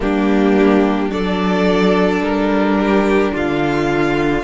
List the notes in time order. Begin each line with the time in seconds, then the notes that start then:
0.00 G3 A#3 D4 G4
1.09 F#3 D4 A4 D5
2.20 G3 A#4
2.79 G4
3.33 D3 F4 F5